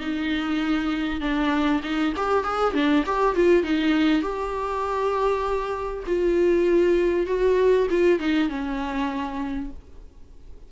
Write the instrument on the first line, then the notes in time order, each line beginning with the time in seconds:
viola
0.00 D#4
1.20 D4
1.83 D#4
2.16 G4
2.44 G#4
2.74 D4
3.06 G4
3.35 F4
3.63 D#4
4.22 G4
6.07 F4
7.26 F#4
7.90 F4
8.19 D#4
8.49 C#4